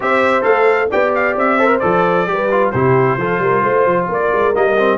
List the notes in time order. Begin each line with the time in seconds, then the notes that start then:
0.00 C4 G4 C5 E5
0.41 A3 A4 F5
0.90 B3 G4 D5 G5
1.14 F5
1.35 C4 E5
1.58 A4 C5
1.67 A#4
1.79 F3 A4 D5
2.26 G3 G4 B4
2.51 F4
2.71 C3 E4 G4 C5
3.16 F3 F4 A4
3.39 G3 A#4
3.62 A3 C5
3.85 F3
4.08 A#3 A#4 D5
4.32 G#3
4.54 G3 A#3 D#5
4.77 C4